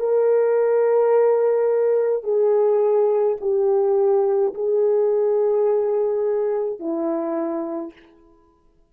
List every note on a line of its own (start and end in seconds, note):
0.00 2.24 A#4
2.24 3.37 G#4
3.41 4.54 G4
4.54 6.80 G#4
6.80 7.93 E4